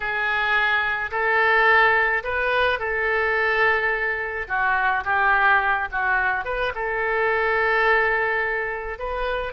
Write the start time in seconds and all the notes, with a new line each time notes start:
0.00 G#4
1.11 A4
2.23 B4
2.79 A4
4.47 F#4
5.04 G4
5.91 F#4
6.44 B4
6.74 A4
8.99 B4